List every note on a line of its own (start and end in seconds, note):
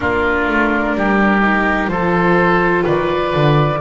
0.00 0.47 A#3
0.00 1.41 D4
0.00 0.96 F4
0.00 1.88 A#4
0.47 0.95 A3
0.95 1.87 G3
0.95 1.91 G4
1.41 1.87 D#4
1.87 2.83 F3
1.87 3.78 F4
1.87 2.84 A4
1.87 2.84 C5
2.84 3.33 D#3
2.84 3.79 B4
2.84 3.81 D5
3.33 3.81 D3